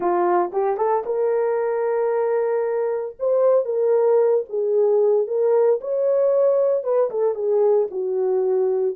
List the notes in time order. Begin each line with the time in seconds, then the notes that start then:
0.00 F4
0.52 G4
0.77 A4
1.05 A#4
3.19 C5
3.65 A#4
4.49 G#4
5.27 A#4
5.80 C#5
6.83 B4
7.10 A4
7.34 G#4
7.90 F#4